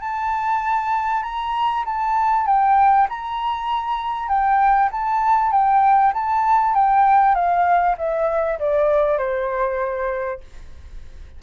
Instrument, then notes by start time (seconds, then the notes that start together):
flute
0.00 A5
1.23 A#5
1.85 A5
2.46 G5
3.09 A#5
4.28 G5
4.91 A5
5.51 G5
6.13 A5
6.74 G5
7.35 F5
7.98 E5
8.59 D5
9.18 C5